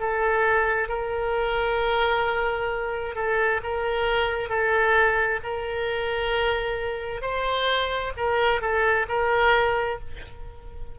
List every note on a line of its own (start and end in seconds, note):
0.00 0.88 A4
0.88 3.15 A#4
3.15 3.61 A4
3.63 4.49 A#4
4.49 5.40 A4
5.43 7.21 A#4
7.21 8.12 C5
8.17 8.61 A#4
8.61 9.07 A4
9.09 10.00 A#4